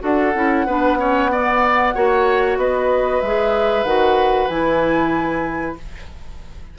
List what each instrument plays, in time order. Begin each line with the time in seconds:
0.00 bassoon D4, clarinet F#4, oboe A4, flute F#5
0.35 bassoon C#4, clarinet E4
0.66 bassoon B3, clarinet D4, oboe B4
0.98 clarinet C#4, oboe C#5
1.31 clarinet B3, oboe D5
1.94 bassoon A#3, clarinet F#4, oboe C#5
2.57 bassoon B3, oboe B4, flute D#5
3.20 bassoon G#3, clarinet G#4, flute E5
3.84 bassoon D#3, clarinet F#4, flute F#5
4.48 bassoon E3, clarinet E4, flute G#5